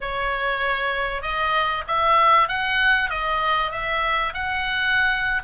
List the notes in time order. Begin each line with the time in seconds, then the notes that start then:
0.00 C#5
1.21 D#5
1.87 E5
2.48 F#5
3.10 D#5
3.71 E5
4.33 F#5